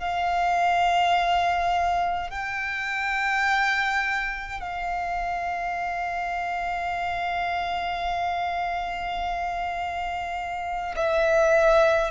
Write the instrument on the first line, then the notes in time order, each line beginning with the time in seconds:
violin
0.00 F5
2.31 G5
4.60 F5
10.96 E5